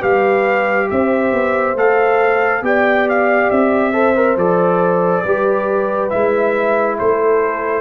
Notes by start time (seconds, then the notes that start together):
0.00 G3 G4 B4 F5
0.91 C4 C5 E5
1.32 B3
1.75 A3 A4 F5
2.62 B3 G4 D5 G5
3.09 F5
3.51 C4 E5
3.94 A4 C5
4.16 A#4
4.37 F3 A4 D5
5.23 G3 G4 B4
6.10 G#3 E4 E5
6.99 A3 A4 C5